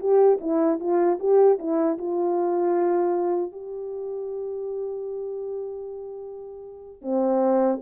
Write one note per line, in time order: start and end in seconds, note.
0.00 0.39 G4
0.41 0.80 E4
0.80 1.19 F4
1.20 1.59 G4
1.59 1.98 E4
1.98 3.52 F4
3.52 7.02 G4
7.02 7.80 C4